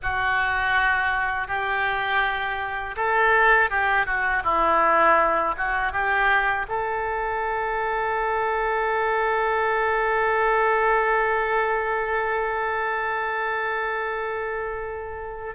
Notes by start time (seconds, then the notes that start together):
0.02 F#4
1.47 G4
2.96 A4
3.70 G4
4.05 F#4
4.43 E4
5.57 F#4
5.92 G4
6.68 A4